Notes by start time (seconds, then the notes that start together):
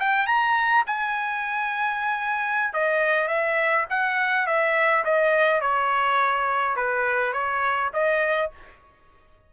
0.00 G5
0.26 A#5
0.87 G#5
2.74 D#5
3.28 E5
3.90 F#5
4.47 E5
5.05 D#5
5.61 C#5
6.77 B4
7.33 C#5
7.94 D#5